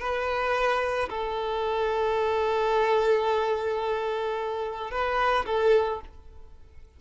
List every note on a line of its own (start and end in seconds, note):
0.00 1.09 B4
1.10 4.91 A4
4.91 5.45 B4
5.46 6.01 A4